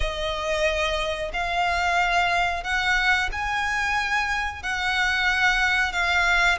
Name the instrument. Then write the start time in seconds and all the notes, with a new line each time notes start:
violin
0.00 D#5
1.33 F5
2.63 F#5
3.32 G#5
4.62 F#5
5.92 F5